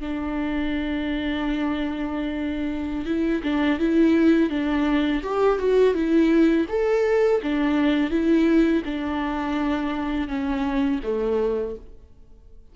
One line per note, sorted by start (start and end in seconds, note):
0.00 3.06 D4
3.06 3.42 E4
3.43 3.79 D4
3.79 4.50 E4
4.50 5.22 D4
5.23 5.59 G4
5.59 5.94 F#4
5.94 6.67 E4
6.69 7.41 A4
7.42 8.10 D4
8.10 8.83 E4
8.85 10.28 D4
10.28 11.00 C#4
11.03 11.75 A3